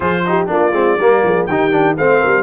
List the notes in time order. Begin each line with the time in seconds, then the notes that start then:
0.00 F3 F4 G#4 C5
0.25 D#4 G4
0.47 A#3 D4 F4
0.53 D5
0.72 G#3 C4
0.99 G3 A#3 A#4
1.23 F3 G#4
1.46 D#3 D#4 G4 G5
1.71 D4
1.96 A3 C4 C5 F5
2.20 G3 A#4